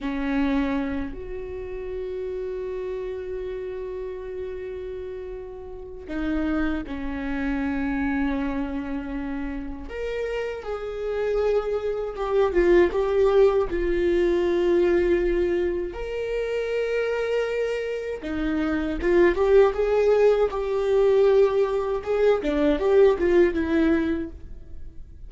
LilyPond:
\new Staff \with { instrumentName = "viola" } { \time 4/4 \tempo 4 = 79 cis'4. fis'2~ fis'8~ | fis'1 | dis'4 cis'2.~ | cis'4 ais'4 gis'2 |
g'8 f'8 g'4 f'2~ | f'4 ais'2. | dis'4 f'8 g'8 gis'4 g'4~ | g'4 gis'8 d'8 g'8 f'8 e'4 | }